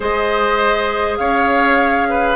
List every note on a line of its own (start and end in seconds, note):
0.00 1.19 G#3
0.00 2.35 G#4
0.00 1.18 C5
0.00 1.16 D#5
1.16 2.35 C#4
1.16 2.08 C#5
1.16 2.35 F5
2.09 2.35 B4